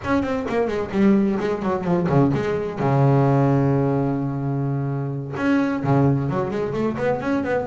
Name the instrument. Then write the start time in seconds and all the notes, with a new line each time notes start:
double bass
0.04 C#4
0.22 C4
0.48 A#3
0.67 G#3
0.91 G3
1.39 G#3
1.62 F#3
1.84 F3
2.09 C#3
2.34 G#3
2.79 C#3
5.36 C#4
5.83 C#3
6.29 F#3
6.50 G#3
6.73 A3
6.97 B3
7.20 C#4
7.44 B3